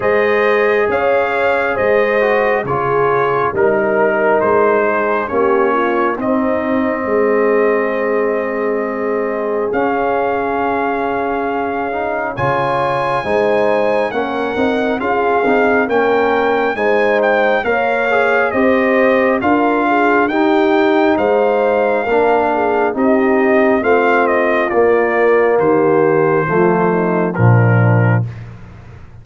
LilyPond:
<<
  \new Staff \with { instrumentName = "trumpet" } { \time 4/4 \tempo 4 = 68 dis''4 f''4 dis''4 cis''4 | ais'4 c''4 cis''4 dis''4~ | dis''2. f''4~ | f''2 gis''2 |
fis''4 f''4 g''4 gis''8 g''8 | f''4 dis''4 f''4 g''4 | f''2 dis''4 f''8 dis''8 | d''4 c''2 ais'4 | }
  \new Staff \with { instrumentName = "horn" } { \time 4/4 c''4 cis''4 c''4 gis'4 | ais'4. gis'8 g'8 f'8 dis'4 | gis'1~ | gis'2 cis''4 c''4 |
ais'4 gis'4 ais'4 c''4 | cis''4 c''4 ais'8 gis'8 g'4 | c''4 ais'8 gis'8 g'4 f'4~ | f'4 g'4 f'8 dis'8 d'4 | }
  \new Staff \with { instrumentName = "trombone" } { \time 4/4 gis'2~ gis'8 fis'8 f'4 | dis'2 cis'4 c'4~ | c'2. cis'4~ | cis'4. dis'8 f'4 dis'4 |
cis'8 dis'8 f'8 dis'8 cis'4 dis'4 | ais'8 gis'8 g'4 f'4 dis'4~ | dis'4 d'4 dis'4 c'4 | ais2 a4 f4 | }
  \new Staff \with { instrumentName = "tuba" } { \time 4/4 gis4 cis'4 gis4 cis4 | g4 gis4 ais4 c'4 | gis2. cis'4~ | cis'2 cis4 gis4 |
ais8 c'8 cis'8 c'8 ais4 gis4 | ais4 c'4 d'4 dis'4 | gis4 ais4 c'4 a4 | ais4 dis4 f4 ais,4 | }
>>